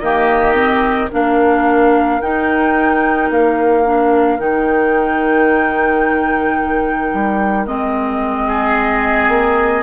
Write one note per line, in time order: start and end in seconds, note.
0.00 1.09 D#3
0.00 0.55 A#3
0.00 1.10 G4
0.00 1.09 D#5
0.55 1.09 C4
1.10 2.21 A#3
1.10 2.21 D4
1.10 8.47 A#4
1.10 2.21 F5
2.21 3.30 D#4
2.21 3.85 D#4
2.21 3.30 G5
3.30 4.39 A#3
3.30 4.40 F5
3.85 4.39 D4
4.39 7.12 D#3
4.39 7.66 D#4
4.39 7.67 G5
7.14 7.67 G3
7.67 9.29 G#3
7.67 9.83 C4
7.67 9.83 D#5
8.48 9.83 G#4
9.29 9.83 A#3